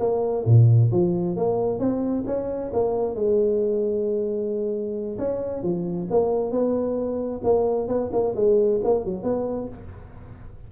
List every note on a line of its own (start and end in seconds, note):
0.00 0.45 A#3
0.46 0.91 A#2
0.92 1.37 F3
1.37 1.80 A#3
1.80 2.25 C4
2.27 2.72 C#4
2.74 3.15 A#3
3.15 5.18 G#3
5.19 5.63 C#4
5.63 6.08 F3
6.11 6.51 A#3
6.51 7.42 B3
7.44 7.88 A#3
7.88 8.11 B3
8.13 8.35 A#3
8.36 8.81 G#3
8.84 9.05 A#3
9.05 9.24 F#3
9.24 9.69 B3